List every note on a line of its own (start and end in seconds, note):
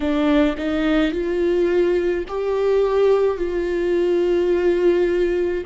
0.00 0.55 D4
0.57 1.11 D#4
1.11 2.24 F4
2.27 3.37 G4
3.37 5.63 F4